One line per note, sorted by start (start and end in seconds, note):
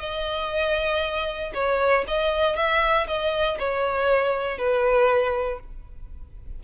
0.00 1.53 D#5
1.54 2.05 C#5
2.08 2.56 D#5
2.56 3.07 E5
3.08 3.58 D#5
3.59 4.58 C#5
4.58 5.60 B4